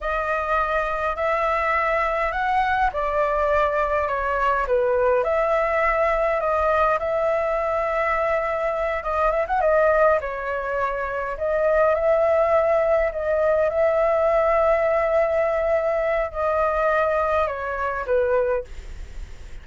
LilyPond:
\new Staff \with { instrumentName = "flute" } { \time 4/4 \tempo 4 = 103 dis''2 e''2 | fis''4 d''2 cis''4 | b'4 e''2 dis''4 | e''2.~ e''8 dis''8 |
e''16 fis''16 dis''4 cis''2 dis''8~ | dis''8 e''2 dis''4 e''8~ | e''1 | dis''2 cis''4 b'4 | }